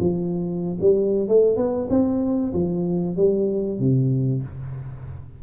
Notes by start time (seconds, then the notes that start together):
0.00 F3
0.81 G3
1.28 A3
1.57 B3
1.90 C4
2.53 F3
3.16 G3
3.80 C3